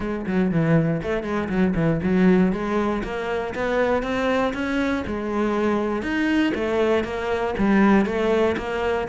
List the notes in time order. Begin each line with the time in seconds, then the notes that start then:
0.00 G#3
0.26 F#3
0.51 E3
1.02 A3
1.23 G#3
1.49 F#3
1.75 E3
2.03 F#3
2.52 G#3
3.03 A#3
3.54 B3
4.02 C4
4.53 C#4
5.06 G#3
6.02 D#4
6.54 A3
7.04 A#3
7.58 G3
8.05 A3
8.57 A#3